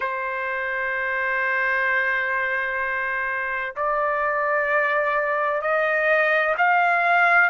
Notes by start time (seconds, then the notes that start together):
0.00 C5
3.75 D5
5.61 D#5
6.57 F5